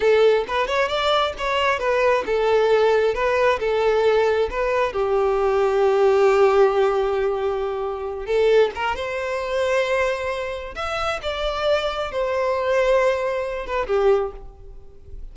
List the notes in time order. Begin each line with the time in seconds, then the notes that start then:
0.00 A4
0.47 B4
0.67 C#5
0.88 D5
1.38 C#5
1.79 B4
2.26 A4
3.14 B4
3.59 A4
4.50 B4
4.92 G4
8.26 A4
8.75 A#4
8.95 C5
10.75 E5
11.22 D5
12.11 C5
13.66 B4
13.87 G4